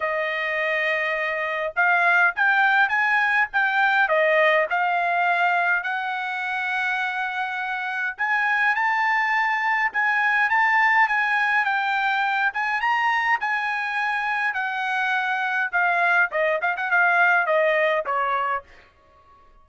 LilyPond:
\new Staff \with { instrumentName = "trumpet" } { \time 4/4 \tempo 4 = 103 dis''2. f''4 | g''4 gis''4 g''4 dis''4 | f''2 fis''2~ | fis''2 gis''4 a''4~ |
a''4 gis''4 a''4 gis''4 | g''4. gis''8 ais''4 gis''4~ | gis''4 fis''2 f''4 | dis''8 f''16 fis''16 f''4 dis''4 cis''4 | }